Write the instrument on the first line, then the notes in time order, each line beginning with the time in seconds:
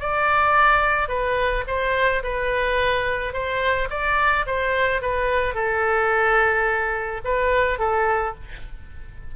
oboe
0.00 D5
1.09 B4
1.68 C5
2.24 B4
3.33 C5
3.91 D5
4.47 C5
5.02 B4
5.55 A4
7.25 B4
7.79 A4